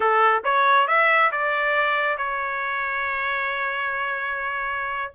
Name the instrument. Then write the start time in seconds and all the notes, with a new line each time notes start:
trumpet
0.00 A4
0.44 C#5
0.87 E5
1.31 D5
2.17 C#5